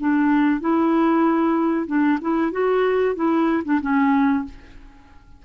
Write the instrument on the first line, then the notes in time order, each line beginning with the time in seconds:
clarinet
0.00 D4
0.61 E4
1.87 D4
2.21 E4
2.52 F#4
3.16 E4
3.65 D4
3.82 C#4